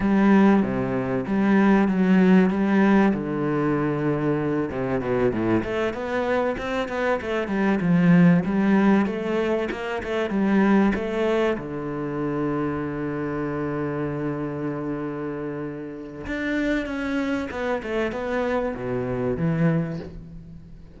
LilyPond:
\new Staff \with { instrumentName = "cello" } { \time 4/4 \tempo 4 = 96 g4 c4 g4 fis4 | g4 d2~ d8 c8 | b,8 a,8 a8 b4 c'8 b8 a8 | g8 f4 g4 a4 ais8 |
a8 g4 a4 d4.~ | d1~ | d2 d'4 cis'4 | b8 a8 b4 b,4 e4 | }